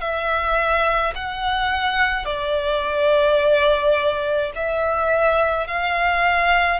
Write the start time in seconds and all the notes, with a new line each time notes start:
0.00 E5
1.15 F#5
2.25 D5
4.55 E5
5.67 F5